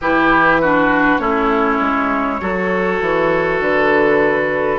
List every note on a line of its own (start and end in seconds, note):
0.01 1.19 E3
0.01 0.62 E4
0.01 0.61 G4
0.01 1.18 B4
0.61 1.19 D4
0.61 1.21 F#4
1.18 1.79 A3
1.18 2.39 C#4
1.18 2.41 E4
1.18 3.58 C#5
1.80 2.40 G#3
2.40 3.00 F#3
2.40 4.78 F#4
2.40 4.78 A4
3.00 3.60 E3
3.60 4.78 D3
3.60 4.78 B4